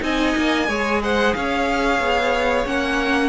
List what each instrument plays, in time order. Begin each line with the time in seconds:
0.00 cello C4, viola D#4, violin D#5 G#5
0.37 cello A#3
0.68 cello G#3, viola G#4, violin C#5
1.03 violin C5 F#5
1.35 cello C#4, violin C#5 F5
2.00 cello B3
2.66 cello A#3, viola C#4, violin F#5